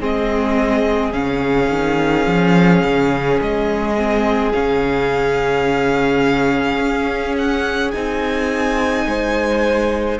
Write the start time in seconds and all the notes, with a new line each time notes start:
0.00 G#3 C4 G#4 D#5
1.12 C#3 C#4 F5
1.69 D#3
2.25 F3
2.83 C#3
3.40 G#3 D#5
3.96 C4
4.52 C#3 C#4 F5
6.79 C#4
7.38 F#5
7.91 C4 D#4 G#5
9.06 G#3 C5